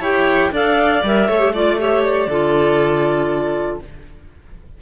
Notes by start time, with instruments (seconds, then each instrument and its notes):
0.00 cello E4, clarinet G4 G5, violin C#5
0.51 cello D4, clarinet A4 F5, violin D5
1.03 cello G3, clarinet A#4 E5
1.28 cello A3, clarinet A4, violin C#5
1.40 clarinet G4
1.54 clarinet F4 D5, violin D5
1.78 clarinet G4 E5, violin C#5
2.03 clarinet D5
2.27 cello D3, clarinet F4, violin A4